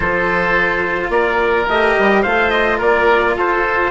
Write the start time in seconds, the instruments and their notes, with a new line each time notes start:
0.00 bassoon F3, cello F4, oboe A4, trumpet C5
1.09 bassoon A#3, oboe A#4, trumpet D5
1.68 bassoon A3, cello G4, trumpet D#5
1.98 bassoon G3
2.22 bassoon A3, cello F4, oboe C5, trumpet F5
2.50 trumpet D#5
2.78 bassoon A#3, oboe A#4, trumpet D5
3.36 bassoon F4, oboe A4, trumpet C5